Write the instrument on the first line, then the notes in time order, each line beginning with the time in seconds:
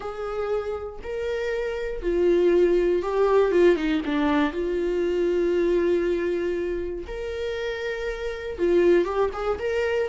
viola
0.00 G#4
1.03 A#4
2.02 F4
3.02 G4
3.51 F4
3.76 D#4
4.05 D4
4.52 F4
7.07 A#4
8.58 F4
9.04 G4
9.33 G#4
9.58 A#4